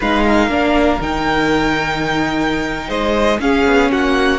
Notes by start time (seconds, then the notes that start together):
0.00 G#3 D#4 B4 F5
0.26 A#4
0.48 A#3 D4
1.00 D#3 D#4 G5
2.88 G#3 C5 D#5
3.39 C#4 G#4 F5
3.65 B3
3.91 A#3 F#4 F#5